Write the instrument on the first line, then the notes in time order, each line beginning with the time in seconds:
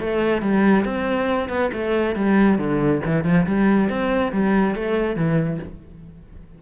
cello
0.00 A3
0.42 G3
0.85 C4
1.50 B3
1.73 A3
2.16 G3
2.59 D3
3.05 E3
3.25 F3
3.46 G3
3.90 C4
4.32 G3
4.75 A3
5.16 E3